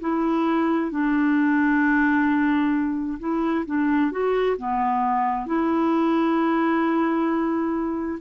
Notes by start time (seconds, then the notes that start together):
0.00 E4
0.91 D4
3.19 E4
3.66 D4
4.11 F#4
4.57 B3
5.46 E4